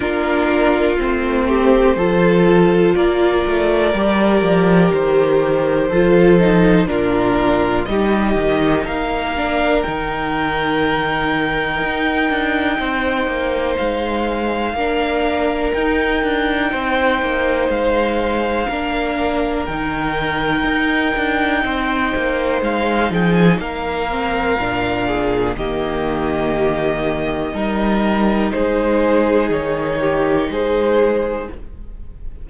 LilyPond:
<<
  \new Staff \with { instrumentName = "violin" } { \time 4/4 \tempo 4 = 61 ais'4 c''2 d''4~ | d''4 c''2 ais'4 | dis''4 f''4 g''2~ | g''2 f''2 |
g''2 f''2 | g''2. f''8 g''16 gis''16 | f''2 dis''2~ | dis''4 c''4 cis''4 c''4 | }
  \new Staff \with { instrumentName = "violin" } { \time 4/4 f'4. g'8 a'4 ais'4~ | ais'2 a'4 f'4 | g'4 ais'2.~ | ais'4 c''2 ais'4~ |
ais'4 c''2 ais'4~ | ais'2 c''4. gis'8 | ais'4. gis'8 g'2 | ais'4 gis'4. g'8 gis'4 | }
  \new Staff \with { instrumentName = "viola" } { \time 4/4 d'4 c'4 f'2 | g'2 f'8 dis'8 d'4 | dis'4. d'8 dis'2~ | dis'2. d'4 |
dis'2. d'4 | dis'1~ | dis'8 c'8 d'4 ais2 | dis'1 | }
  \new Staff \with { instrumentName = "cello" } { \time 4/4 ais4 a4 f4 ais8 a8 | g8 f8 dis4 f4 ais,4 | g8 dis8 ais4 dis2 | dis'8 d'8 c'8 ais8 gis4 ais4 |
dis'8 d'8 c'8 ais8 gis4 ais4 | dis4 dis'8 d'8 c'8 ais8 gis8 f8 | ais4 ais,4 dis2 | g4 gis4 dis4 gis4 | }
>>